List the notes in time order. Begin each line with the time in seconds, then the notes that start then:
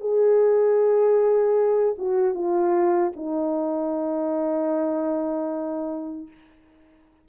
0.00 G#4
1.98 F#4
2.34 F4
3.16 D#4